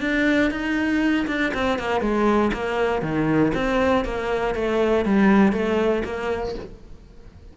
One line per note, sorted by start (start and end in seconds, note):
0.00 0.50 D4
0.50 1.26 D#4
1.27 1.52 D4
1.54 1.78 C4
1.78 2.01 A#3
2.01 2.51 G#3
2.53 3.02 A#3
3.02 3.52 D#3
3.54 4.04 C4
4.04 4.54 A#3
4.54 5.05 A3
5.05 5.52 G3
5.52 6.02 A3
6.04 6.55 A#3